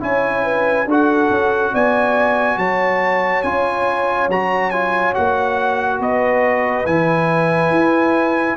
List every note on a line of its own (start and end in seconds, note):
0.00 0.86 C#4
0.00 0.86 E4
0.00 0.44 C#5
0.00 0.88 G#5
0.44 0.87 B4
0.86 1.29 D4
0.86 3.44 F#4
0.86 1.73 A4
0.86 1.75 F#5
1.30 1.73 C#4
1.73 2.57 B3
1.73 2.58 D5
1.73 2.58 G#5
2.57 3.42 F#3
2.57 6.00 C#5
2.57 3.42 A5
3.42 4.28 C#4
3.42 4.30 F4
3.42 4.28 G#5
4.28 5.14 F#3
4.28 4.72 F#4
4.28 4.70 A#5
4.70 5.14 F4
4.70 5.13 G#5
5.14 6.00 A#3
5.14 6.86 F#4
5.14 6.00 F#5
6.00 6.85 B3
6.00 8.56 B4
6.00 6.86 D#5
6.86 7.70 E3
6.86 8.56 E4
6.86 8.56 G#5
7.70 8.56 E4